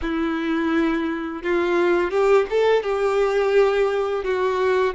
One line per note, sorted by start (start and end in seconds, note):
0.01 1.42 E4
1.42 2.10 F4
2.10 2.46 G4
2.49 2.82 A4
2.82 4.24 G4
4.24 4.94 F#4